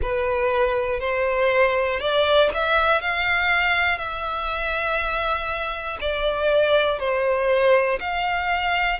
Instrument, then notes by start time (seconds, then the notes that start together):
violin
0.01 B4
1.00 C5
2.00 D5
2.54 E5
3.01 F5
3.98 E5
6.00 D5
6.99 C5
8.00 F5